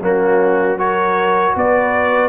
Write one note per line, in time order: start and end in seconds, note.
0.00 1.54 F#3
0.00 0.77 A#3
0.00 0.78 C#4
0.00 0.78 F#4
0.77 2.28 F#4
0.77 1.54 A#4
0.77 1.55 C#5
1.56 2.28 B3
1.56 2.28 B4
1.56 2.28 D5